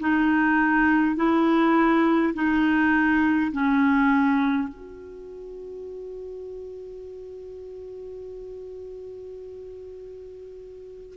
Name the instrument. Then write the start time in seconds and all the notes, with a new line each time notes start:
clarinet
0.00 D#4
1.16 E4
2.34 D#4
3.52 C#4
4.68 F#4